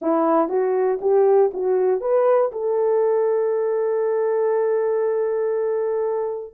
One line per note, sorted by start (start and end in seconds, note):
0.01 0.48 E4
0.48 0.99 F#4
1.01 1.51 G4
1.53 2.01 F#4
2.01 2.51 B4
2.52 6.54 A4